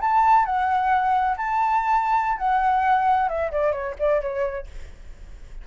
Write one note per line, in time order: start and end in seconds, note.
0.00 0.45 A5
0.45 1.36 F#5
1.37 2.37 A5
2.37 3.28 F#5
3.28 3.51 E5
3.51 3.72 D5
3.72 3.95 C#5
3.99 4.21 D5
4.21 4.66 C#5